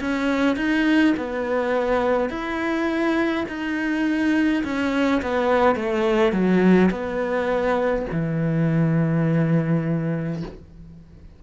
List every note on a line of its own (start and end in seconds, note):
0.00 0.56 C#4
0.56 1.14 D#4
1.16 2.29 B3
2.29 3.45 E4
3.48 4.64 D#4
4.64 5.21 C#4
5.22 5.75 B3
5.75 6.32 A3
6.32 6.90 F#3
6.90 8.06 B3
8.12 10.43 E3